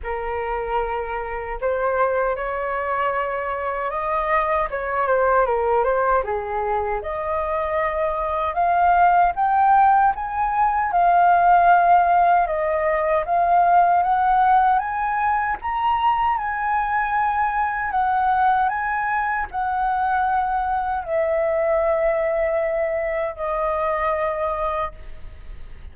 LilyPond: \new Staff \with { instrumentName = "flute" } { \time 4/4 \tempo 4 = 77 ais'2 c''4 cis''4~ | cis''4 dis''4 cis''8 c''8 ais'8 c''8 | gis'4 dis''2 f''4 | g''4 gis''4 f''2 |
dis''4 f''4 fis''4 gis''4 | ais''4 gis''2 fis''4 | gis''4 fis''2 e''4~ | e''2 dis''2 | }